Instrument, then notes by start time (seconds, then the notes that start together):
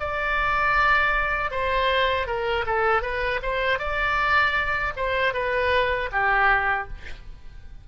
oboe
0.00 D5
1.52 C5
2.28 A#4
2.67 A4
3.03 B4
3.43 C5
3.79 D5
4.97 C5
5.34 B4
6.13 G4